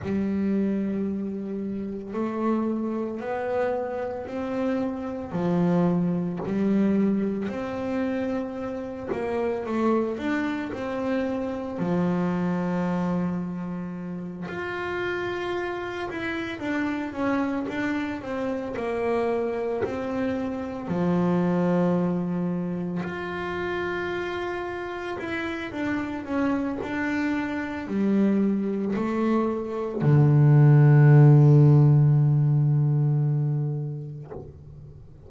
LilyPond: \new Staff \with { instrumentName = "double bass" } { \time 4/4 \tempo 4 = 56 g2 a4 b4 | c'4 f4 g4 c'4~ | c'8 ais8 a8 d'8 c'4 f4~ | f4. f'4. e'8 d'8 |
cis'8 d'8 c'8 ais4 c'4 f8~ | f4. f'2 e'8 | d'8 cis'8 d'4 g4 a4 | d1 | }